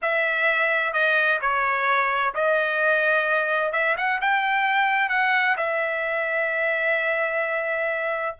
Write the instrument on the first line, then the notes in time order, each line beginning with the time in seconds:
trumpet
0.01 E5
0.93 D#5
1.41 C#5
2.34 D#5
3.72 E5
3.97 F#5
4.21 G5
5.09 F#5
5.56 E5